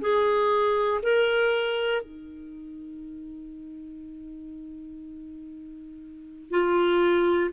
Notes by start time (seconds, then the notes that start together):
0.00 G#4
1.02 A#4
2.02 D#4
6.50 F4